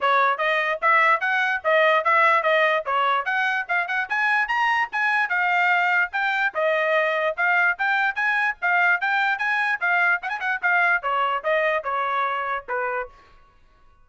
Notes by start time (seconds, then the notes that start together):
0.00 C#5
0.37 D#5
0.81 E5
1.20 F#5
1.63 D#5
2.04 E5
2.42 D#5
2.85 C#5
3.25 F#5
3.68 F5
3.87 F#5
4.09 G#5
4.48 A#5
4.91 G#5
5.29 F5
6.12 G5
6.54 D#5
7.37 F5
7.78 G5
8.15 G#5
8.61 F5
9.00 G5
9.38 G#5
9.80 F5
10.22 F#5
10.29 G#5
10.40 F#5
10.62 F5
11.02 C#5
11.43 D#5
11.83 C#5
12.68 B4